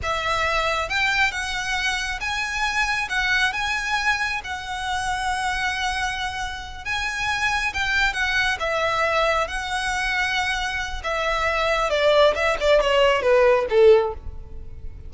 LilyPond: \new Staff \with { instrumentName = "violin" } { \time 4/4 \tempo 4 = 136 e''2 g''4 fis''4~ | fis''4 gis''2 fis''4 | gis''2 fis''2~ | fis''2.~ fis''8 gis''8~ |
gis''4. g''4 fis''4 e''8~ | e''4. fis''2~ fis''8~ | fis''4 e''2 d''4 | e''8 d''8 cis''4 b'4 a'4 | }